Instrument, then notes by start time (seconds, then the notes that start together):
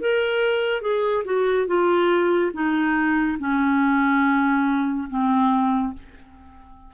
clarinet
0.00 A#4
0.81 G#4
1.24 F#4
1.67 F4
2.54 D#4
3.39 C#4
5.09 C4